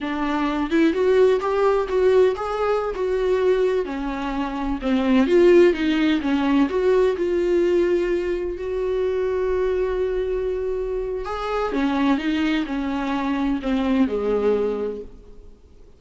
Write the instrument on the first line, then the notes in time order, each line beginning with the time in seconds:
viola
0.01 D4
0.70 E4
0.93 F#4
1.40 G4
1.88 F#4
2.35 G#4
2.94 F#4
3.85 C#4
4.81 C4
5.26 F4
5.73 D#4
6.21 C#4
6.69 F#4
7.17 F4
8.57 F#4
11.25 G#4
11.72 C#4
12.17 D#4
12.66 C#4
13.62 C4
14.07 G#3